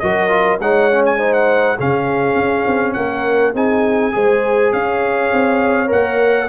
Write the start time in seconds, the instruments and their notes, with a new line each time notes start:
0.00 tuba F#3, trombone F#4, horn A#4, trumpet D#5
0.30 trombone F4
0.60 tuba G#3, trombone D#4, horn C#5, trumpet F#5
0.92 trombone C#4
1.06 trumpet G#5
1.18 trombone D#4, horn C5
1.34 trumpet F#5
1.76 tuba C#3, trombone C#4, horn G#4, trumpet F5
2.35 tuba C#4
2.67 tuba C4
2.94 tuba A#3, horn A#4, trumpet F#5
3.55 tuba C4, trombone D#4, horn G#4, trumpet G#5
4.12 tuba G#3, trombone G#4, horn C5
4.73 tuba C#4, horn C#5, trumpet F5
5.33 tuba C4
5.87 tuba A#3, trombone A#4, trumpet F#5